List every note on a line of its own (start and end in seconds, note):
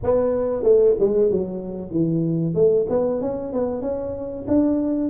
0.03 0.63 B3
0.63 0.95 A3
0.99 1.30 G#3
1.30 1.90 F#3
1.90 2.54 E3
2.54 2.86 A3
2.89 3.21 B3
3.21 3.53 C#4
3.53 3.81 B3
3.81 4.45 C#4
4.47 5.09 D4